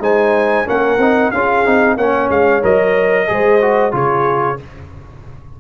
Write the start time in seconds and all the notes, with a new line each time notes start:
0.00 G#3 D#4 C5 G#5
0.66 A#3 C#4 A#4 F#5
0.98 C4 D#4
1.32 C#4 F4 G#4 F5
1.66 C4 D#4
1.97 A#3 C#4 C#5 F#5
2.30 G#3 F5
2.63 F#3 A#4 D#5
3.28 G#3 G#4 C5
3.62 F#4
3.92 C#3 F4 G#4 C#5